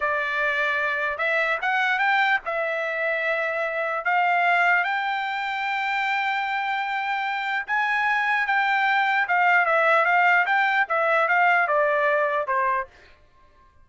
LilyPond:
\new Staff \with { instrumentName = "trumpet" } { \time 4/4 \tempo 4 = 149 d''2. e''4 | fis''4 g''4 e''2~ | e''2 f''2 | g''1~ |
g''2. gis''4~ | gis''4 g''2 f''4 | e''4 f''4 g''4 e''4 | f''4 d''2 c''4 | }